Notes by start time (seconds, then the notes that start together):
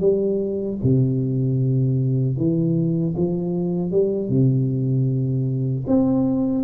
0.00 G3
0.83 C3
2.37 E3
3.17 F3
3.91 G3
4.29 C3
5.87 C4